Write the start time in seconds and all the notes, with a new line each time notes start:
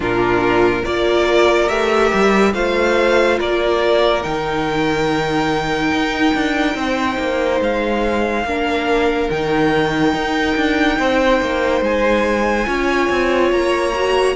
0.00 A#2 D4 F4 A#4
0.83 A#3 F4 A#4 D5
1.68 A3 G4 E5
2.13 G3
2.53 A3 F4 C5 F5
3.38 A#3 A#4 D5
4.22 D#3 D#4 G5
5.91 D#4
6.34 D4
6.74 C4 C5
7.18 A#3
7.60 G#3 F5
8.44 A#3 D4 A#4
9.29 D#3 D#4 G5
10.13 D#4
10.55 D4
10.98 C4 C5
11.40 A#3
11.81 G#3 G#5
12.65 C#4 F4 C#5
13.09 C4
13.52 A#3 A#5
13.95 F#4